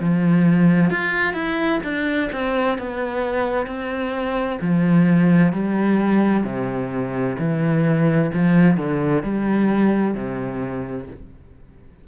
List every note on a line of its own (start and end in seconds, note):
0.00 0.90 F3
0.90 1.33 F4
1.33 1.79 E4
1.83 2.30 D4
2.32 2.78 C4
2.78 3.66 B3
3.66 4.58 C4
4.61 5.52 F3
5.52 6.44 G3
6.44 7.36 C3
7.38 8.31 E3
8.33 8.77 F3
8.77 9.22 D3
9.22 10.14 G3
10.14 11.06 C3